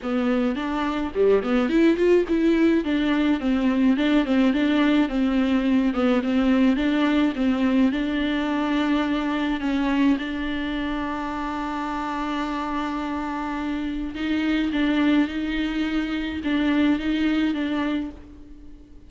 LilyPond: \new Staff \with { instrumentName = "viola" } { \time 4/4 \tempo 4 = 106 b4 d'4 g8 b8 e'8 f'8 | e'4 d'4 c'4 d'8 c'8 | d'4 c'4. b8 c'4 | d'4 c'4 d'2~ |
d'4 cis'4 d'2~ | d'1~ | d'4 dis'4 d'4 dis'4~ | dis'4 d'4 dis'4 d'4 | }